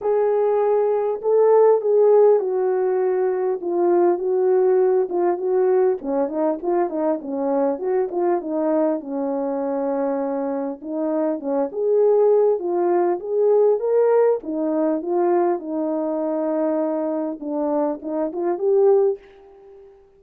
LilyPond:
\new Staff \with { instrumentName = "horn" } { \time 4/4 \tempo 4 = 100 gis'2 a'4 gis'4 | fis'2 f'4 fis'4~ | fis'8 f'8 fis'4 cis'8 dis'8 f'8 dis'8 | cis'4 fis'8 f'8 dis'4 cis'4~ |
cis'2 dis'4 cis'8 gis'8~ | gis'4 f'4 gis'4 ais'4 | dis'4 f'4 dis'2~ | dis'4 d'4 dis'8 f'8 g'4 | }